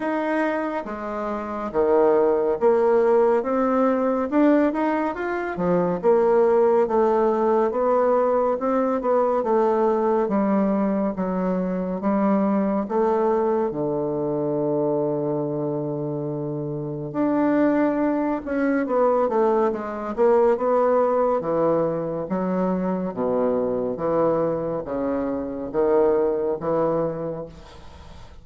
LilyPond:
\new Staff \with { instrumentName = "bassoon" } { \time 4/4 \tempo 4 = 70 dis'4 gis4 dis4 ais4 | c'4 d'8 dis'8 f'8 f8 ais4 | a4 b4 c'8 b8 a4 | g4 fis4 g4 a4 |
d1 | d'4. cis'8 b8 a8 gis8 ais8 | b4 e4 fis4 b,4 | e4 cis4 dis4 e4 | }